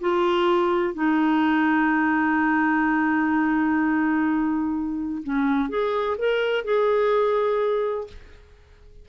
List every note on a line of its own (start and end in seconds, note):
0.00 0.94 F4
0.94 5.22 D#4
5.23 5.69 C#4
5.69 6.16 G#4
6.17 6.64 A#4
6.64 8.07 G#4